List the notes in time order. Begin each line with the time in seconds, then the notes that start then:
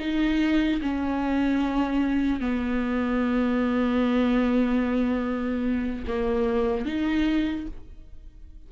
0.00 D#4
0.82 C#4
2.41 B3
6.08 A#3
6.86 D#4